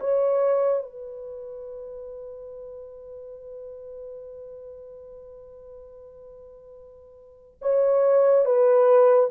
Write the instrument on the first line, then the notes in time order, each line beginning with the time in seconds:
horn
0.00 C#5
0.83 B4
7.61 C#5
8.45 B4